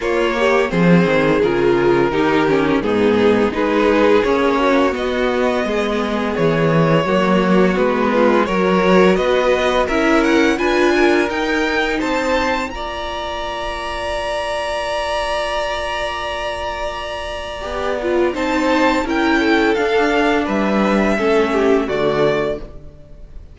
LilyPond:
<<
  \new Staff \with { instrumentName = "violin" } { \time 4/4 \tempo 4 = 85 cis''4 c''4 ais'2 | gis'4 b'4 cis''4 dis''4~ | dis''4 cis''2 b'4 | cis''4 dis''4 e''8 fis''8 gis''4 |
g''4 a''4 ais''2~ | ais''1~ | ais''2 a''4 g''4 | f''4 e''2 d''4 | }
  \new Staff \with { instrumentName = "violin" } { \time 4/4 f'8 g'8 gis'2 g'4 | dis'4 gis'4. fis'4. | gis'2 fis'4. f'8 | ais'4 b'4 ais'4 b'8 ais'8~ |
ais'4 c''4 d''2~ | d''1~ | d''2 c''4 ais'8 a'8~ | a'4 b'4 a'8 g'8 fis'4 | }
  \new Staff \with { instrumentName = "viola" } { \time 4/4 ais4 c'4 f'4 dis'8 cis'8 | b4 dis'4 cis'4 b4~ | b2 ais4 b4 | fis'2 e'4 f'4 |
dis'2 f'2~ | f'1~ | f'4 g'8 f'8 dis'4 e'4 | d'2 cis'4 a4 | }
  \new Staff \with { instrumentName = "cello" } { \time 4/4 ais4 f8 dis8 cis4 dis4 | gis,4 gis4 ais4 b4 | gis4 e4 fis4 gis4 | fis4 b4 cis'4 d'4 |
dis'4 c'4 ais2~ | ais1~ | ais4 b4 c'4 cis'4 | d'4 g4 a4 d4 | }
>>